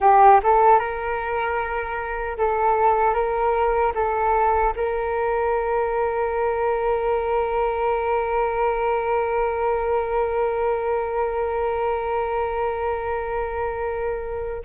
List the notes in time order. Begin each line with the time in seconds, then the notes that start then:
0.00 G4
0.43 A4
0.79 A#4
2.37 A4
3.14 A#4
3.94 A4
4.75 A#4